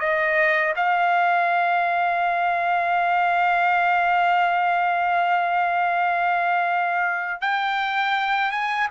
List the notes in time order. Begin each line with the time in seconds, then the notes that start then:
0.00 D#5
0.76 F5
7.41 G5
8.51 G#5